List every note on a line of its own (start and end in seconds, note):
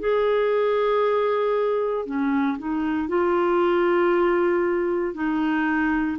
0.00 2.06 G#4
2.06 2.58 C#4
2.59 3.09 D#4
3.09 5.14 F4
5.14 6.18 D#4